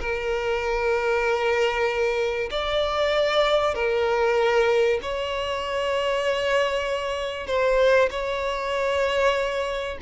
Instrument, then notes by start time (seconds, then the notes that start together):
violin
0.00 A#4
2.51 D5
3.75 A#4
5.03 C#5
7.47 C5
8.11 C#5